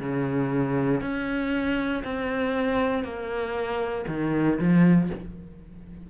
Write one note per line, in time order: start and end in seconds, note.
0.00 1.01 C#3
1.01 2.02 C#4
2.04 3.03 C4
3.03 4.05 A#3
4.08 4.59 D#3
4.59 5.10 F3